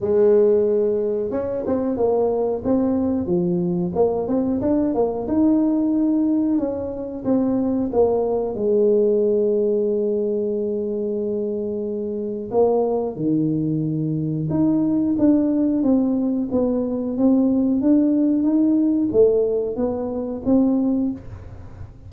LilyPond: \new Staff \with { instrumentName = "tuba" } { \time 4/4 \tempo 4 = 91 gis2 cis'8 c'8 ais4 | c'4 f4 ais8 c'8 d'8 ais8 | dis'2 cis'4 c'4 | ais4 gis2.~ |
gis2. ais4 | dis2 dis'4 d'4 | c'4 b4 c'4 d'4 | dis'4 a4 b4 c'4 | }